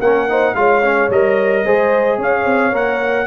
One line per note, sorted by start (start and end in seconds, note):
0.00 0.55 A#3
0.00 0.29 C#4
0.00 0.29 A#4
0.00 0.55 F#5
0.29 0.55 D#4
0.29 0.57 C5
0.55 1.10 G#3
0.55 0.82 F4
0.55 1.65 C#5
0.55 1.10 F5
0.84 1.11 C#4
1.10 1.64 G3
1.10 1.66 A#4
1.10 2.20 D#5
1.65 2.18 G#3
1.65 2.73 G#4
1.65 2.20 C5
2.18 2.45 C#4
2.18 3.27 C#5
2.18 2.75 F5
2.45 2.72 C4
2.72 3.27 A#3
2.72 3.27 A#4
2.72 3.27 F#5